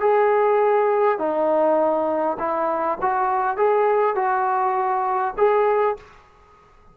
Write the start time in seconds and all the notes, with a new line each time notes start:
0.00 G#4
1.18 D#4
2.38 E4
3.01 F#4
3.57 G#4
4.15 F#4
5.37 G#4